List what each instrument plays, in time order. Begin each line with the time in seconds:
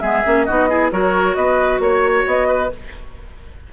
0.00 bassoon G#3, clarinet B3, oboe G#4, flute E5
0.25 bassoon A#3, clarinet C#4
0.44 bassoon B3, clarinet D#4, oboe F#4, flute D#5
0.69 clarinet E4, oboe G#4
0.92 bassoon F#3, clarinet F#4, oboe A#4, flute C#5
1.36 bassoon B3, oboe B4, flute D#5
1.80 bassoon A#3, flute C#5, oboe C#5
2.27 bassoon B3, flute D#5
2.48 oboe B4